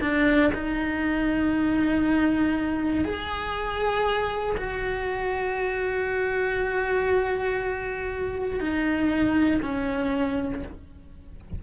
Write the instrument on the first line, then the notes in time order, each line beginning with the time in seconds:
cello
0.00 D4
0.54 D#4
3.04 G#4
4.57 F#4
8.60 D#4
9.62 C#4